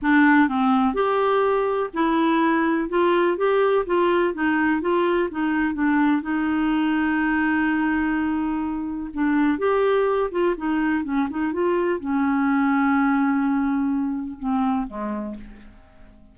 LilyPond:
\new Staff \with { instrumentName = "clarinet" } { \time 4/4 \tempo 4 = 125 d'4 c'4 g'2 | e'2 f'4 g'4 | f'4 dis'4 f'4 dis'4 | d'4 dis'2.~ |
dis'2. d'4 | g'4. f'8 dis'4 cis'8 dis'8 | f'4 cis'2.~ | cis'2 c'4 gis4 | }